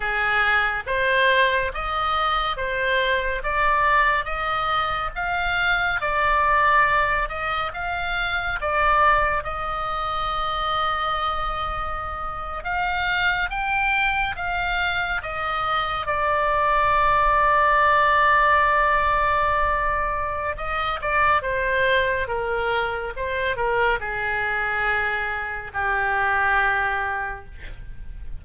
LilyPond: \new Staff \with { instrumentName = "oboe" } { \time 4/4 \tempo 4 = 70 gis'4 c''4 dis''4 c''4 | d''4 dis''4 f''4 d''4~ | d''8 dis''8 f''4 d''4 dis''4~ | dis''2~ dis''8. f''4 g''16~ |
g''8. f''4 dis''4 d''4~ d''16~ | d''1 | dis''8 d''8 c''4 ais'4 c''8 ais'8 | gis'2 g'2 | }